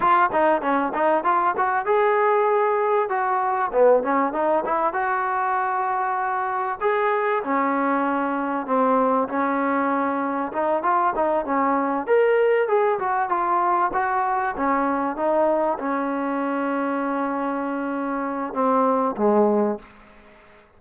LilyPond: \new Staff \with { instrumentName = "trombone" } { \time 4/4 \tempo 4 = 97 f'8 dis'8 cis'8 dis'8 f'8 fis'8 gis'4~ | gis'4 fis'4 b8 cis'8 dis'8 e'8 | fis'2. gis'4 | cis'2 c'4 cis'4~ |
cis'4 dis'8 f'8 dis'8 cis'4 ais'8~ | ais'8 gis'8 fis'8 f'4 fis'4 cis'8~ | cis'8 dis'4 cis'2~ cis'8~ | cis'2 c'4 gis4 | }